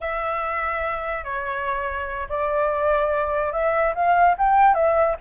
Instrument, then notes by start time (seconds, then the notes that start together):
flute
0.00 E5
1.24 C#5
2.29 D5
3.52 E5
3.94 F5
4.37 G5
4.74 E5